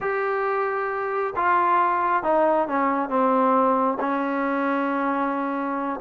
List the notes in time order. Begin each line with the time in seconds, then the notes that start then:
0.00 G4
1.36 F4
2.23 D#4
2.68 C#4
3.09 C4
4.00 C#4